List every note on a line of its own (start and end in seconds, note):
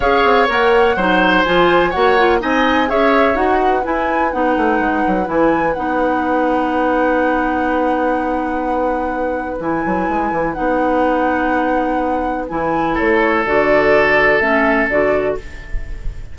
0.00 0.24 C#4
0.00 0.47 G#4
0.00 0.96 C#5
0.00 0.48 F5
0.24 0.48 C4
0.47 0.96 A#3
0.47 0.95 A#4
0.47 1.44 F#5
0.96 1.44 F#3
0.96 1.45 D#4
0.96 1.89 C5
1.44 1.95 F3
1.44 1.93 F4
1.44 1.91 G#5
1.89 2.42 A#3
1.89 2.17 F#4
1.89 2.37 C#5
1.89 2.39 F#5
2.18 2.39 F4
2.39 2.90 C4
2.39 2.87 D#4
2.39 2.89 D#5
2.39 2.89 G#5
2.87 3.35 C#4
2.87 3.34 G#4
2.87 3.60 C#5
2.87 3.36 E5
3.34 3.83 D#4
3.34 3.82 F#4
3.34 3.84 F#5
3.60 12.94 B4
3.83 4.31 E4
3.83 4.33 E4
3.83 4.32 G#5
4.32 4.56 B3
4.32 5.24 D#4
4.32 5.28 F#5
4.56 4.79 A3
4.79 5.03 G#3
5.07 5.27 F#3
5.24 5.75 E3
5.24 5.72 E4
5.24 5.73 G#5
5.73 9.59 B3
5.73 9.60 D#4
5.73 9.57 F#5
9.59 9.83 E3
9.59 10.55 E4
9.59 10.53 G#5
9.85 10.08 F#3
10.08 10.31 G#3
10.31 10.55 E3
10.53 12.50 B3
10.53 12.47 D#4
10.53 12.45 F#5
12.48 12.97 E3
12.48 13.44 E4
12.48 12.96 G#5
12.94 13.45 A3
12.94 15.34 A4
12.94 13.45 C#5
13.45 14.40 D3
13.45 14.40 F#4
13.45 14.39 D5
14.39 14.88 A3
14.39 14.88 C#4
14.39 14.87 E5
14.88 15.36 D3
14.88 15.38 F#4
14.88 15.37 D5